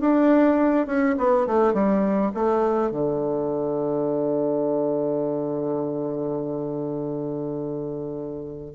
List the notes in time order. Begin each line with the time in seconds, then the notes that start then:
0.00 D4
0.86 C#4
1.18 B3
1.46 A3
1.73 G3
2.34 A3
2.90 D3